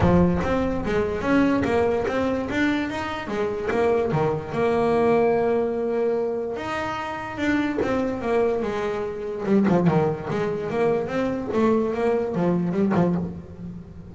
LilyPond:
\new Staff \with { instrumentName = "double bass" } { \time 4/4 \tempo 4 = 146 f4 c'4 gis4 cis'4 | ais4 c'4 d'4 dis'4 | gis4 ais4 dis4 ais4~ | ais1 |
dis'2 d'4 c'4 | ais4 gis2 g8 f8 | dis4 gis4 ais4 c'4 | a4 ais4 f4 g8 f8 | }